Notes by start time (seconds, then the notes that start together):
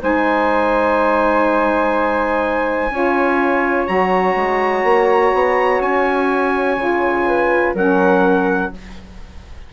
0.00 G#3 D#4 C5 G#5
2.90 C#4 F4 C#5
3.86 F#3 F#4 A#5
4.35 G#3
4.83 A#3
5.33 B3
5.80 C#4 G#5
6.76 C#3 F4
7.27 B4
7.74 F#3 C#4 A#4 F#5